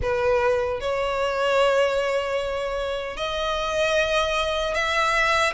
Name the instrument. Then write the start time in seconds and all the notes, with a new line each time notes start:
violin
0.01 B4
0.80 C#5
3.16 D#5
4.74 E5